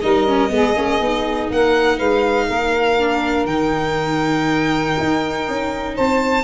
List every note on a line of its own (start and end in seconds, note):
0.00 0.50 G3
0.00 0.27 D#4
0.00 0.51 A#4
0.00 1.49 D#5
0.27 0.49 C#4
0.49 0.75 G#3
0.49 0.74 B3
0.49 1.51 G#4
0.76 1.00 A#3
0.76 1.00 C#4
1.00 1.49 B3
1.00 2.98 D#4
1.50 1.99 A#3
1.50 1.97 A#4
1.50 1.99 F#5
1.97 2.49 G#3
1.97 2.46 B4
1.97 3.46 F5
2.48 3.45 A#3
2.48 5.95 A#4
2.98 3.48 D4
3.45 4.94 D#3
3.45 6.43 D#4
3.45 5.94 G5
4.98 5.48 D#4
5.48 5.97 C#4
5.95 6.43 C4
5.95 6.43 C5
5.95 6.43 A5